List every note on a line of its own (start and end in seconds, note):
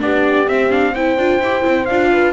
0.00 0.49 B3
0.00 0.47 D4
0.00 0.93 G4
0.00 0.49 D5
0.48 0.70 C4
0.48 1.18 C4
0.48 0.72 E5
0.70 0.94 D4
0.70 0.96 F5
0.93 1.19 E4
0.93 2.11 C5
0.93 1.86 G5
1.18 1.40 D4
1.18 1.42 F4
1.40 1.64 E4
1.40 1.62 G4
1.62 1.89 C4
1.62 1.86 E4
1.86 2.34 D4
1.86 2.34 F4
1.86 2.33 F5
2.13 2.34 B4